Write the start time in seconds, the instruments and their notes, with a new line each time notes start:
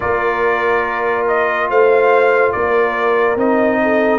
0.00 tuba A#3, trombone F4, horn A#4, trumpet D5
1.27 trumpet D#5
1.69 tuba A3, horn C5, trumpet F5
2.52 tuba A#3, horn A#4, trumpet D5
3.35 tuba C4, trombone D#4, trumpet D#5
3.83 horn A4